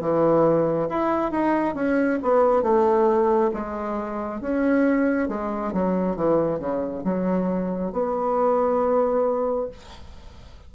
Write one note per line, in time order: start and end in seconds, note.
0.00 0.88 E3
0.89 1.31 E4
1.31 1.75 D#4
1.75 2.19 C#4
2.22 2.62 B3
2.62 3.51 A3
3.53 4.40 G#3
4.40 5.29 C#4
5.29 5.73 G#3
5.73 6.16 F#3
6.16 6.59 E3
6.59 7.03 C#3
7.04 7.92 F#3
7.93 9.69 B3